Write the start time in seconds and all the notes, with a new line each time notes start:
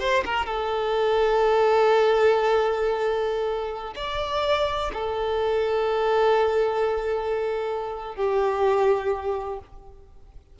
0.00 C5
0.25 A#4
0.46 A4
3.95 D5
4.93 A4
8.15 G4